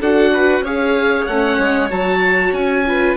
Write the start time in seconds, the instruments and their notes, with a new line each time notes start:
0.00 bassoon D4, viola F#4, violin A4, oboe F#5
0.32 violin B4
0.60 bassoon C#4, viola G#4, violin C#5, oboe F5
1.25 bassoon A3, viola C#4, oboe F#5
1.58 bassoon G#3
1.90 bassoon F#3, viola F#4, oboe A5
2.52 bassoon C#4, oboe G#5
2.85 viola F4, violin B4